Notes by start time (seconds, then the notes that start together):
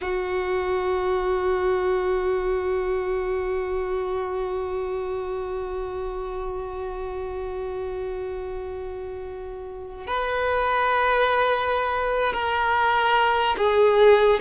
0.01 F#4
10.06 B4
12.33 A#4
13.57 G#4